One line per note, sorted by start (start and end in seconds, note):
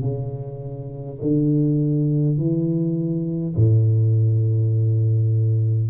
0.00 1.18 C#3
1.21 2.37 D3
2.37 3.55 E3
3.55 5.90 A2